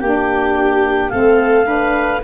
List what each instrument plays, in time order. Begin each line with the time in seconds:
0.00 tuba A#3, saxophone D4, viola G4, clarinet G5
1.09 tuba A3, saxophone C4, viola A4, clarinet F5
1.64 saxophone D4, viola B4